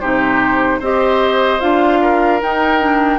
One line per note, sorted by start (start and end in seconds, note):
0.00 0.80 C3
0.00 0.81 D#4
0.00 0.79 G4
0.00 0.80 C5
0.79 1.60 C4
0.79 1.60 G4
0.79 1.99 C5
0.79 1.60 D#5
1.60 2.42 D4
1.60 2.40 F4
1.60 2.40 F5
2.01 3.19 A#4
2.41 2.80 D#4
2.41 3.19 D#4
2.41 3.19 G5
2.80 3.19 D4